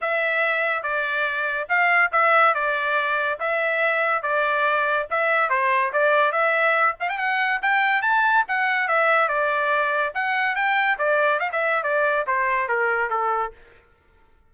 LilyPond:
\new Staff \with { instrumentName = "trumpet" } { \time 4/4 \tempo 4 = 142 e''2 d''2 | f''4 e''4 d''2 | e''2 d''2 | e''4 c''4 d''4 e''4~ |
e''8 f''16 g''16 fis''4 g''4 a''4 | fis''4 e''4 d''2 | fis''4 g''4 d''4 f''16 e''8. | d''4 c''4 ais'4 a'4 | }